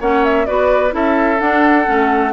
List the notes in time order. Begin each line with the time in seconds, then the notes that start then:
0.00 A#3 C#4 C#5 F#5
0.25 E5
0.46 B3 F#4 B4 D5
0.91 C#4 E4 A4 E5
1.40 D4 F#5
1.85 A3 C#4